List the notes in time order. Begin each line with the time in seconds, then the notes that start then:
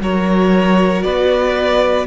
0.00 F#3 F#4 A#4 C#5
1.02 B3 B4 D5